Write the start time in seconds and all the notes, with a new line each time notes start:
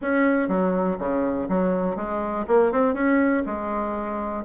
0.01 C#4
0.48 F#3
0.98 C#3
1.48 F#3
1.96 G#3
2.47 A#3
2.72 C4
2.94 C#4
3.46 G#3